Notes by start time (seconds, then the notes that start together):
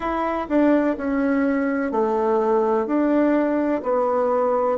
0.00 E4
0.48 D4
0.97 C#4
1.91 A3
2.86 D4
3.82 B3